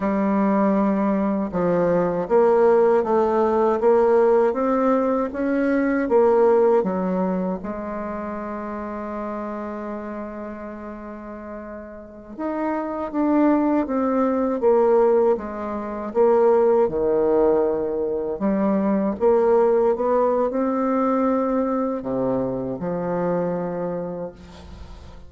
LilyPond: \new Staff \with { instrumentName = "bassoon" } { \time 4/4 \tempo 4 = 79 g2 f4 ais4 | a4 ais4 c'4 cis'4 | ais4 fis4 gis2~ | gis1~ |
gis16 dis'4 d'4 c'4 ais8.~ | ais16 gis4 ais4 dis4.~ dis16~ | dis16 g4 ais4 b8. c'4~ | c'4 c4 f2 | }